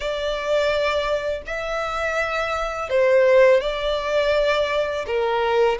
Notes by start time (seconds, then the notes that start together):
0.00 D5
1.46 E5
2.89 C5
3.60 D5
5.06 A#4